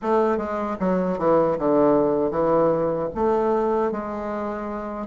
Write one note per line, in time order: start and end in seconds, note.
0.02 0.37 A3
0.37 0.76 G#3
0.79 1.18 F#3
1.18 1.57 E3
1.58 2.30 D3
2.30 3.08 E3
3.14 3.91 A3
3.91 5.06 G#3